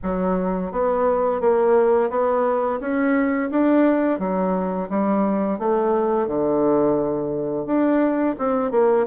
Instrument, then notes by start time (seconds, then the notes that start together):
bassoon
0.03 F#3
0.71 B3
1.40 A#3
2.09 B3
2.80 C#4
3.50 D4
4.19 F#3
4.89 G3
5.58 A3
6.27 D3
7.66 D4
8.38 C4
8.71 A#3